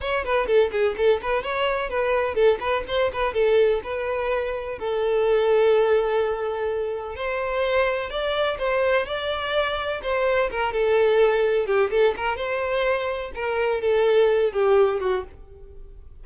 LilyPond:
\new Staff \with { instrumentName = "violin" } { \time 4/4 \tempo 4 = 126 cis''8 b'8 a'8 gis'8 a'8 b'8 cis''4 | b'4 a'8 b'8 c''8 b'8 a'4 | b'2 a'2~ | a'2. c''4~ |
c''4 d''4 c''4 d''4~ | d''4 c''4 ais'8 a'4.~ | a'8 g'8 a'8 ais'8 c''2 | ais'4 a'4. g'4 fis'8 | }